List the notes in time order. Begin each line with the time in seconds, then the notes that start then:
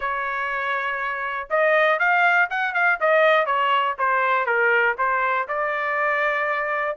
0.00 C#5
1.50 D#5
1.99 F5
2.50 F#5
2.74 F5
3.00 D#5
3.46 C#5
3.98 C5
4.46 A#4
4.97 C5
5.48 D5